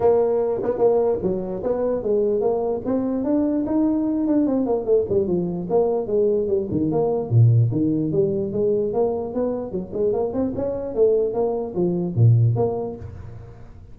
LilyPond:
\new Staff \with { instrumentName = "tuba" } { \time 4/4 \tempo 4 = 148 ais4. b8 ais4 fis4 | b4 gis4 ais4 c'4 | d'4 dis'4. d'8 c'8 ais8 | a8 g8 f4 ais4 gis4 |
g8 dis8 ais4 ais,4 dis4 | g4 gis4 ais4 b4 | fis8 gis8 ais8 c'8 cis'4 a4 | ais4 f4 ais,4 ais4 | }